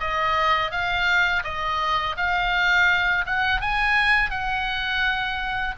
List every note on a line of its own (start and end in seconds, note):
0.00 0.71 D#5
0.71 1.43 F5
1.44 2.16 D#5
2.17 3.25 F5
3.26 3.61 F#5
3.61 4.30 G#5
4.30 5.75 F#5